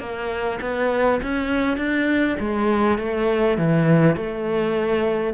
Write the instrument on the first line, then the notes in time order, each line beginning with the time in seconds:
cello
0.00 A#3
0.61 B3
1.23 C#4
1.77 D4
2.40 G#3
2.99 A3
3.58 E3
4.17 A3